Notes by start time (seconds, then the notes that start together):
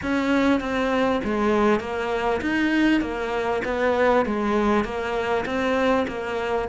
0.02 C#4
0.60 C4
1.24 G#3
1.80 A#3
2.41 D#4
3.01 A#3
3.64 B3
4.25 G#3
4.84 A#3
5.45 C4
6.07 A#3